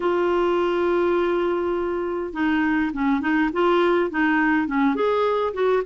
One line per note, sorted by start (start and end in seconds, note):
0.00 2.33 F4
2.33 2.91 D#4
2.93 3.20 C#4
3.20 3.50 D#4
3.52 4.10 F4
4.10 4.67 D#4
4.67 4.95 C#4
4.95 5.53 G#4
5.53 5.83 F#4